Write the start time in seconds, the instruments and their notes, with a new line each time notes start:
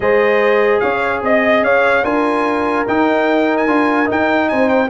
0.00 tuba G#3, trombone G#4, horn C5, trumpet D#5
0.80 tuba C#4, horn C#5, trumpet F5
1.22 tuba C4, trumpet D#5, horn D#5
1.62 tuba C#4, horn C#5, trumpet F5
2.03 tuba D4, trombone F4, horn A#4, trumpet G#5
2.87 tuba D#4, trombone D#4, trumpet G5
3.57 trumpet G#5
3.67 tuba D4, trombone F4
4.05 trombone D#4, tuba D#4, trumpet G5
4.48 tuba C4, horn C5, trumpet G#5
4.68 trumpet G5